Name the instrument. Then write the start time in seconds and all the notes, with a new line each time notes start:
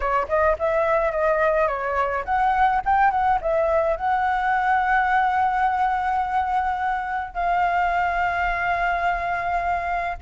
flute
0.00 C#5
0.28 D#5
0.58 E5
1.11 D#5
1.67 C#5
2.24 F#5
2.85 G5
3.10 F#5
3.41 E5
3.96 F#5
7.34 F5